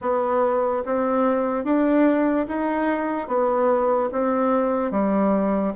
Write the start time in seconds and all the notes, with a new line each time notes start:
0.01 B3
0.85 C4
1.64 D4
2.47 D#4
3.27 B3
4.11 C4
4.91 G3